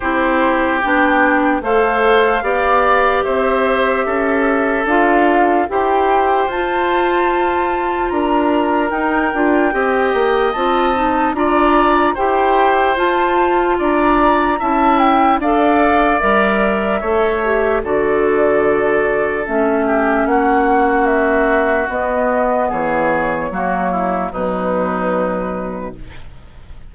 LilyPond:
<<
  \new Staff \with { instrumentName = "flute" } { \time 4/4 \tempo 4 = 74 c''4 g''4 f''2 | e''2 f''4 g''4 | a''2 ais''4 g''4~ | g''4 a''4 ais''4 g''4 |
a''4 ais''4 a''8 g''8 f''4 | e''2 d''2 | e''4 fis''4 e''4 dis''4 | cis''2 b'2 | }
  \new Staff \with { instrumentName = "oboe" } { \time 4/4 g'2 c''4 d''4 | c''4 a'2 c''4~ | c''2 ais'2 | dis''2 d''4 c''4~ |
c''4 d''4 e''4 d''4~ | d''4 cis''4 a'2~ | a'8 g'8 fis'2. | gis'4 fis'8 e'8 dis'2 | }
  \new Staff \with { instrumentName = "clarinet" } { \time 4/4 e'4 d'4 a'4 g'4~ | g'2 f'4 g'4 | f'2. dis'8 f'8 | g'4 f'8 dis'8 f'4 g'4 |
f'2 e'4 a'4 | ais'4 a'8 g'8 fis'2 | cis'2. b4~ | b4 ais4 fis2 | }
  \new Staff \with { instrumentName = "bassoon" } { \time 4/4 c'4 b4 a4 b4 | c'4 cis'4 d'4 e'4 | f'2 d'4 dis'8 d'8 | c'8 ais8 c'4 d'4 e'4 |
f'4 d'4 cis'4 d'4 | g4 a4 d2 | a4 ais2 b4 | e4 fis4 b,2 | }
>>